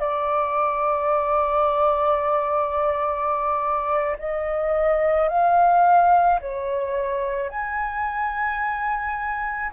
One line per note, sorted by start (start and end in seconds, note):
0.00 4.17 D5
4.19 5.29 D#5
5.29 6.40 F5
6.41 7.49 C#5
7.49 9.72 G#5